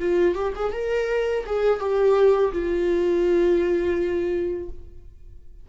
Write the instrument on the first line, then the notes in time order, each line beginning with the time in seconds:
viola
0.00 F4
0.35 G4
0.56 G#4
0.73 A#4
1.46 G#4
1.80 G4
2.52 F4